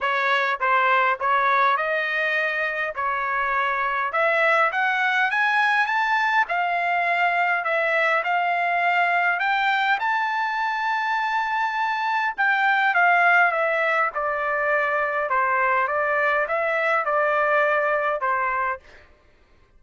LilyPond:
\new Staff \with { instrumentName = "trumpet" } { \time 4/4 \tempo 4 = 102 cis''4 c''4 cis''4 dis''4~ | dis''4 cis''2 e''4 | fis''4 gis''4 a''4 f''4~ | f''4 e''4 f''2 |
g''4 a''2.~ | a''4 g''4 f''4 e''4 | d''2 c''4 d''4 | e''4 d''2 c''4 | }